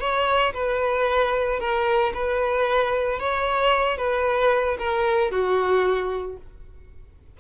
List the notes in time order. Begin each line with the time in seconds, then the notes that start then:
0.00 C#5
0.54 B4
1.60 A#4
2.14 B4
3.20 C#5
3.98 B4
4.79 A#4
5.31 F#4